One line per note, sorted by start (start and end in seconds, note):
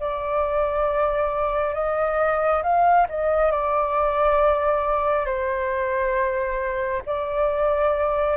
0.00 1.75 D5
1.75 2.63 D#5
2.63 3.07 F5
3.09 3.52 D#5
3.52 5.26 D5
5.26 7.03 C5
7.06 8.37 D5